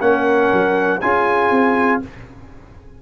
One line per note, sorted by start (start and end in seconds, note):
0.00 0.50 A#3
0.00 1.00 C#4
0.00 1.01 A#4
0.00 1.00 F#5
0.52 1.01 F#3
1.00 1.50 C#4
1.00 2.01 F4
1.00 2.02 G#4
1.00 2.00 G#5
1.50 2.00 C4